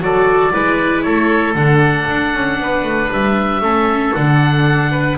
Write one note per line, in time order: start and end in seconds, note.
0.00 0.52 F#3
0.00 0.52 F#4
0.00 0.52 A4
0.00 1.02 D5
0.52 1.05 G#3
0.52 1.56 E4
0.52 1.04 B4
1.02 1.54 A3
1.02 2.59 A4
1.02 1.53 C#5
1.54 2.06 D3
1.54 3.62 D4
1.54 3.10 F#5
2.09 2.33 D4
2.33 2.59 C#4
2.59 2.83 B3
2.59 3.62 B4
2.83 3.09 A3
3.12 3.60 G3
3.12 4.14 E5
3.60 4.12 A3
3.60 4.14 C#4
3.60 4.91 A4
4.14 5.17 D3
4.14 5.17 D4
4.14 5.17 F#5
4.91 5.17 B4